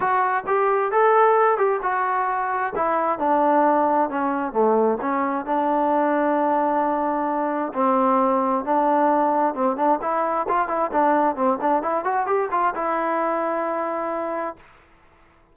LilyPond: \new Staff \with { instrumentName = "trombone" } { \time 4/4 \tempo 4 = 132 fis'4 g'4 a'4. g'8 | fis'2 e'4 d'4~ | d'4 cis'4 a4 cis'4 | d'1~ |
d'4 c'2 d'4~ | d'4 c'8 d'8 e'4 f'8 e'8 | d'4 c'8 d'8 e'8 fis'8 g'8 f'8 | e'1 | }